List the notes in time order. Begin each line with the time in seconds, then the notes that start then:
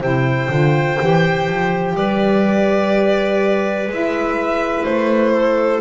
0.00 C3 E4 C5 G5
0.49 D3 F4
0.98 E3 G4
1.48 F3
1.95 G3 B4 D5
3.87 G#3 E4 E5
4.84 A3 C5
5.33 A4